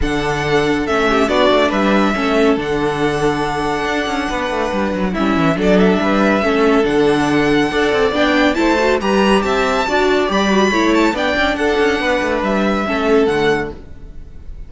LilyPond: <<
  \new Staff \with { instrumentName = "violin" } { \time 4/4 \tempo 4 = 140 fis''2 e''4 d''4 | e''2 fis''2~ | fis''1 | e''4 d''8 e''2~ e''8 |
fis''2. g''4 | a''4 ais''4 a''2 | b''4. a''8 g''4 fis''4~ | fis''4 e''2 fis''4 | }
  \new Staff \with { instrumentName = "violin" } { \time 4/4 a'2~ a'8 g'8 fis'4 | b'4 a'2.~ | a'2 b'2 | e'4 a'4 b'4 a'4~ |
a'2 d''2 | c''4 b'4 e''4 d''4~ | d''4 cis''4 d''4 a'4 | b'2 a'2 | }
  \new Staff \with { instrumentName = "viola" } { \time 4/4 d'2 cis'4 d'4~ | d'4 cis'4 d'2~ | d'1 | cis'4 d'2 cis'4 |
d'2 a'4 d'4 | e'8 fis'8 g'2 fis'4 | g'8 fis'8 e'4 d'2~ | d'2 cis'4 a4 | }
  \new Staff \with { instrumentName = "cello" } { \time 4/4 d2 a4 b8 a8 | g4 a4 d2~ | d4 d'8 cis'8 b8 a8 g8 fis8 | g8 e8 fis4 g4 a4 |
d2 d'8 c'8 b4 | a4 g4 c'4 d'4 | g4 a4 b8 cis'8 d'8 cis'8 | b8 a8 g4 a4 d4 | }
>>